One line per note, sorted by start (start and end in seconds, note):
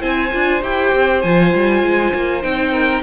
0.00 0.32 C4
0.00 0.30 E4
0.00 2.72 C5
0.00 0.62 G#5
0.32 0.62 D4
0.32 0.62 F4
0.62 0.93 E4
0.62 1.23 G4
0.62 1.21 G5
0.93 1.23 C4
1.21 1.53 F3
1.21 2.42 F4
1.21 2.42 G#5
1.54 1.82 G3
1.82 2.12 G#3
2.14 2.44 A#3
2.42 3.02 C4
2.42 3.02 D#4
2.42 3.02 G5
2.72 3.02 A#4